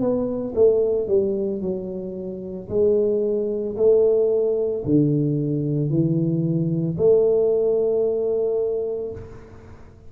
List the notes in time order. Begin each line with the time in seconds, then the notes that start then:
0.00 B3
0.55 A3
1.08 G3
1.61 F#3
2.69 G#3
3.76 A3
4.85 D3
5.89 E3
6.97 A3